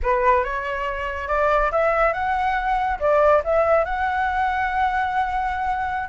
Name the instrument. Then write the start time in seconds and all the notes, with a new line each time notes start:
flute
0.02 B4
0.44 C#5
1.28 D5
1.71 E5
2.13 F#5
2.99 D5
3.44 E5
3.84 F#5